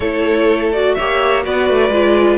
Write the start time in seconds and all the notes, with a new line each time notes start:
0.00 A3 E4 A4 C#5
0.72 F#4 D5
0.95 A#3 G4 C#5 E5
1.43 B3 F#4 B4 D5
1.69 A3
1.89 G#3 F4